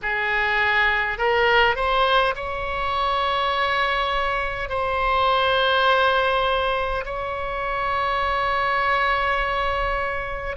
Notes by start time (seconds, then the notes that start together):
0.02 G#4
1.18 A#4
1.75 C5
2.35 C#5
4.69 C5
7.05 C#5